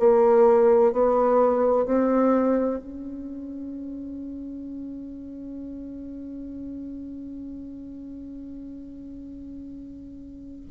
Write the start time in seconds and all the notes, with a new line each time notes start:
0.00 A#3
0.93 B3
1.86 C4
2.79 C#4